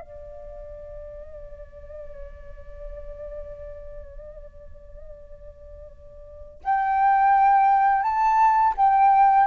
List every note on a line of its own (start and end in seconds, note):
0.00 6.61 D5
6.63 8.02 G5
8.02 8.73 A5
8.77 9.47 G5